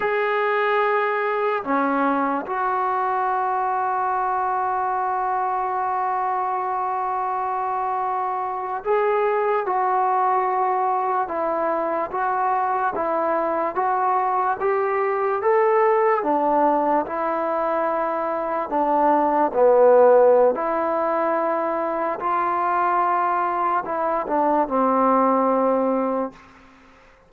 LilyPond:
\new Staff \with { instrumentName = "trombone" } { \time 4/4 \tempo 4 = 73 gis'2 cis'4 fis'4~ | fis'1~ | fis'2~ fis'8. gis'4 fis'16~ | fis'4.~ fis'16 e'4 fis'4 e'16~ |
e'8. fis'4 g'4 a'4 d'16~ | d'8. e'2 d'4 b16~ | b4 e'2 f'4~ | f'4 e'8 d'8 c'2 | }